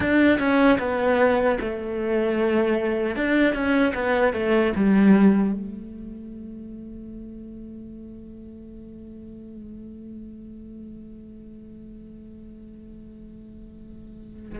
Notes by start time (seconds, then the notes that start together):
0.00 D4
0.39 C#4
0.79 B3
1.60 A3
3.15 D4
3.53 C#4
3.94 B3
4.33 A3
4.75 G3
5.53 A3